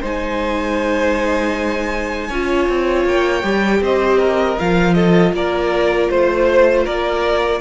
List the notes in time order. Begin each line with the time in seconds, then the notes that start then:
0.00 G#3 D#4 C5 G#5
2.28 C#4 F4 C#5
2.68 C4
3.05 A#3 G5
3.42 G3 G4
3.80 C4 C5 D#5
4.18 A#4
4.58 F3 F4 F5
4.94 A4 D#5
5.32 A#3 A#4 D5
6.09 A3 C5
6.84 A#3 A#4 D5